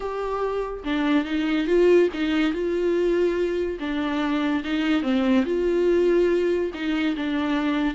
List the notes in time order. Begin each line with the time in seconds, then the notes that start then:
0.00 G4
0.84 D4
1.25 D#4
1.66 F4
2.13 D#4
2.52 F4
3.79 D4
4.64 D#4
5.02 C4
5.45 F4
6.73 D#4
7.16 D4